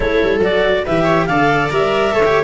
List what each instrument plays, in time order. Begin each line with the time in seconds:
0.00 tuba A3, cello E4, viola A4, clarinet C#5
0.22 tuba G3
0.39 tuba F#3, cello F#4, clarinet D5
0.85 tuba E3, cello G4, viola B4, clarinet E5
1.04 viola C#5
1.25 tuba D3, cello A4, viola D5, clarinet F5
1.70 tuba G3, cello A#4, clarinet E5
2.11 tuba A3, cello A4, viola C#5
2.25 cello G4